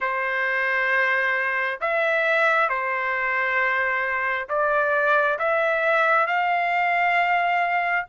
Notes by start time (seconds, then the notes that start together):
0.00 C5
1.80 E5
2.69 C5
4.48 D5
5.38 E5
6.26 F5